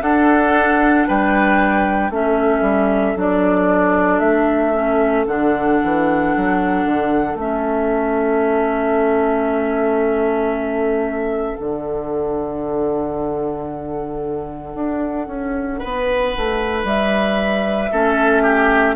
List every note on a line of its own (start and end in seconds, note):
0.00 2.11 D4
0.00 1.07 D4
0.00 1.07 A4
0.00 1.07 F#5
1.07 2.10 G3
1.07 2.12 B4
1.07 2.13 G5
2.10 2.62 A3
2.10 3.17 C#4
2.10 15.79 A4
2.10 3.19 E5
2.62 3.14 G3
3.16 4.20 F#3
3.16 4.73 D4
3.16 4.19 D5
4.19 5.25 A3
4.19 5.24 E5
4.73 5.26 C#4
5.27 5.80 D3
5.27 7.38 D4
5.27 7.38 F#5
5.84 6.36 E3
6.37 6.86 F#3
6.86 7.35 D3
7.35 11.56 A3
7.35 11.59 C#4
7.35 11.57 E5
11.57 14.75 D3
11.57 17.91 D4
11.57 16.83 F#5
14.75 15.27 D4
15.27 15.80 C#4
15.79 16.37 B3
15.79 17.90 B4
16.37 16.84 A3
16.84 17.89 G3
16.84 18.96 E5
17.92 18.96 A3
17.92 18.96 C#4
17.92 18.43 A4
18.43 18.95 G4